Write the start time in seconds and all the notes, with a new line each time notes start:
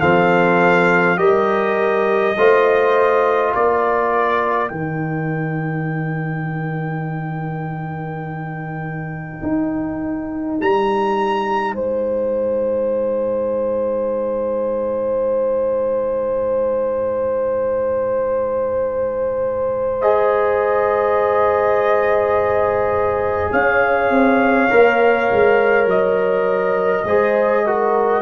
0.00 F3 C4 A4 F5
1.16 G3 G4 A#4 D#5
2.37 A3 F4 C5
3.54 A#3 A#4 D5
4.68 D#3 D#4 G5
9.42 D#4
10.61 G3 A#5
11.74 G#3 C5 G#5
20.01 G#4 D#5
23.51 C#4 C#5 F5
24.10 C4
24.70 A#3 A#4
25.31 G#3
25.86 F#3 D#5
27.04 G#3 G#4 C5
27.65 F#4 A#4